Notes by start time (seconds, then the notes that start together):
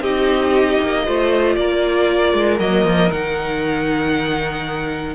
0.00 C4 D#4 G4 D#5
0.81 A#3
1.04 A3 F4 C5
1.55 A#3 A#4 D5
2.33 G#3
2.59 F#3 A#3 D#5
2.84 F3
3.11 D#3 D#4 F#5